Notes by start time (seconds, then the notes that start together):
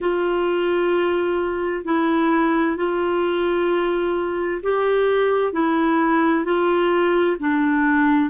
0.00 F4
1.85 E4
2.76 F4
4.62 G4
5.53 E4
6.44 F4
7.39 D4